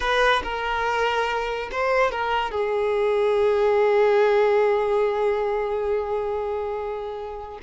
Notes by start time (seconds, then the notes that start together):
0.00 B4
0.43 A#4
1.71 C5
2.11 A#4
2.51 G#4